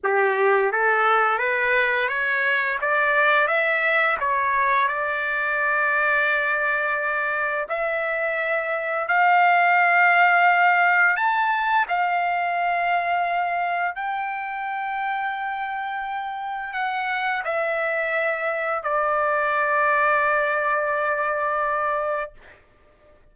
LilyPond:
\new Staff \with { instrumentName = "trumpet" } { \time 4/4 \tempo 4 = 86 g'4 a'4 b'4 cis''4 | d''4 e''4 cis''4 d''4~ | d''2. e''4~ | e''4 f''2. |
a''4 f''2. | g''1 | fis''4 e''2 d''4~ | d''1 | }